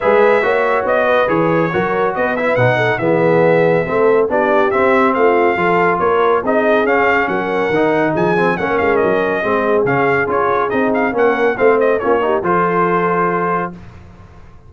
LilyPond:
<<
  \new Staff \with { instrumentName = "trumpet" } { \time 4/4 \tempo 4 = 140 e''2 dis''4 cis''4~ | cis''4 dis''8 e''8 fis''4 e''4~ | e''2 d''4 e''4 | f''2 cis''4 dis''4 |
f''4 fis''2 gis''4 | fis''8 f''8 dis''2 f''4 | cis''4 dis''8 f''8 fis''4 f''8 dis''8 | cis''4 c''2. | }
  \new Staff \with { instrumentName = "horn" } { \time 4/4 b'4 cis''4. b'4. | ais'4 b'4. a'8 gis'4~ | gis'4 a'4 g'2 | f'4 a'4 ais'4 gis'4~ |
gis'4 ais'2 gis'4 | ais'2 gis'2~ | gis'2 ais'4 c''4 | f'8 g'8 a'2. | }
  \new Staff \with { instrumentName = "trombone" } { \time 4/4 gis'4 fis'2 gis'4 | fis'4. e'8 dis'4 b4~ | b4 c'4 d'4 c'4~ | c'4 f'2 dis'4 |
cis'2 dis'4. c'8 | cis'2 c'4 cis'4 | f'4 dis'4 cis'4 c'4 | cis'8 dis'8 f'2. | }
  \new Staff \with { instrumentName = "tuba" } { \time 4/4 gis4 ais4 b4 e4 | fis4 b4 b,4 e4~ | e4 a4 b4 c'4 | a4 f4 ais4 c'4 |
cis'4 fis4 dis4 f4 | ais8 gis8 fis4 gis4 cis4 | cis'4 c'4 ais4 a4 | ais4 f2. | }
>>